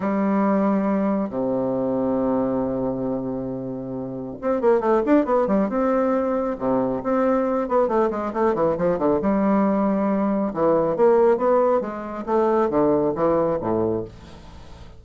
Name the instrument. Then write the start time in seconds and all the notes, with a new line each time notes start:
bassoon
0.00 G3
1.29 C3
4.41 C4
4.61 A#3
4.80 A3
5.05 D4
5.25 B3
5.47 G3
5.69 C4
6.58 C3
7.03 C4
7.68 B3
7.88 A3
8.10 G#3
8.33 A3
8.54 E3
8.77 F3
8.98 D3
9.21 G3
10.53 E3
10.96 A#3
11.37 B3
11.80 G#3
12.25 A3
12.69 D3
13.15 E3
13.60 A2